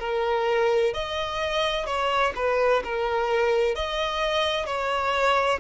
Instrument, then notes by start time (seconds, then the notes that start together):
violin
0.00 A#4
0.94 D#5
1.86 C#5
2.36 B4
2.84 A#4
3.75 D#5
4.66 C#5